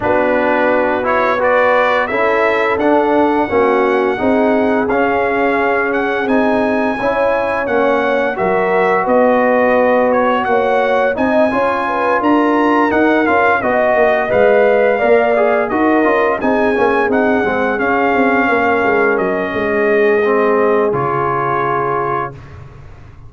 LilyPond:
<<
  \new Staff \with { instrumentName = "trumpet" } { \time 4/4 \tempo 4 = 86 b'4. cis''8 d''4 e''4 | fis''2. f''4~ | f''8 fis''8 gis''2 fis''4 | e''4 dis''4. cis''8 fis''4 |
gis''4. ais''4 fis''8 f''8 dis''8~ | dis''8 f''2 dis''4 gis''8~ | gis''8 fis''4 f''2 dis''8~ | dis''2 cis''2 | }
  \new Staff \with { instrumentName = "horn" } { \time 4/4 fis'2 b'4 a'4~ | a'4 fis'4 gis'2~ | gis'2 cis''2 | ais'4 b'2 cis''4 |
dis''8 cis''8 b'8 ais'2 dis''8~ | dis''4. d''4 ais'4 gis'8~ | gis'2~ gis'8 ais'4. | gis'1 | }
  \new Staff \with { instrumentName = "trombone" } { \time 4/4 d'4. e'8 fis'4 e'4 | d'4 cis'4 dis'4 cis'4~ | cis'4 dis'4 e'4 cis'4 | fis'1 |
dis'8 f'2 dis'8 f'8 fis'8~ | fis'8 b'4 ais'8 gis'8 fis'8 f'8 dis'8 | cis'8 dis'8 c'8 cis'2~ cis'8~ | cis'4 c'4 f'2 | }
  \new Staff \with { instrumentName = "tuba" } { \time 4/4 b2. cis'4 | d'4 ais4 c'4 cis'4~ | cis'4 c'4 cis'4 ais4 | fis4 b2 ais4 |
c'8 cis'4 d'4 dis'8 cis'8 b8 | ais8 gis4 ais4 dis'8 cis'8 c'8 | ais8 c'8 gis8 cis'8 c'8 ais8 gis8 fis8 | gis2 cis2 | }
>>